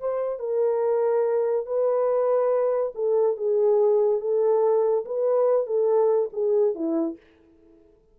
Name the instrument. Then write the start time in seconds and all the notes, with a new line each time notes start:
horn
0.00 C5
0.39 A#4
1.66 B4
2.95 A4
3.37 G#4
4.21 A4
5.05 B4
5.66 A4
6.33 G#4
6.75 E4